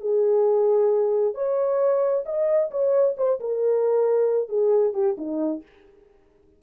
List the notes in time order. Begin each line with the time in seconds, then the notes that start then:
0.00 G#4
1.34 C#5
2.25 D#5
2.71 C#5
3.17 C5
3.40 A#4
4.49 G#4
4.93 G4
5.17 D#4